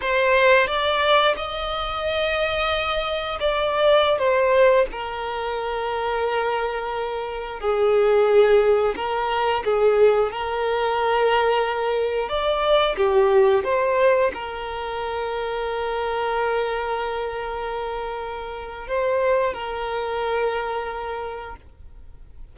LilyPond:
\new Staff \with { instrumentName = "violin" } { \time 4/4 \tempo 4 = 89 c''4 d''4 dis''2~ | dis''4 d''4~ d''16 c''4 ais'8.~ | ais'2.~ ais'16 gis'8.~ | gis'4~ gis'16 ais'4 gis'4 ais'8.~ |
ais'2~ ais'16 d''4 g'8.~ | g'16 c''4 ais'2~ ais'8.~ | ais'1 | c''4 ais'2. | }